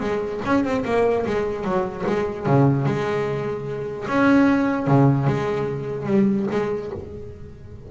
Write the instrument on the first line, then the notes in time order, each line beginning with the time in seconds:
double bass
0.00 G#3
0.45 C#4
0.64 C4
0.85 A#3
1.26 G#3
1.64 F#3
2.06 G#3
2.46 C#3
2.86 G#3
4.08 C#4
4.87 C#3
5.27 G#3
6.06 G3
6.51 G#3